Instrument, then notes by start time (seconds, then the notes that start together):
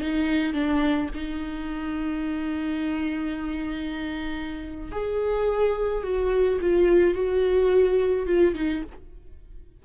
viola
0.00 D#4
0.53 D4
1.14 D#4
4.91 G#4
6.03 F#4
6.60 F4
7.14 F#4
8.26 F4
8.54 D#4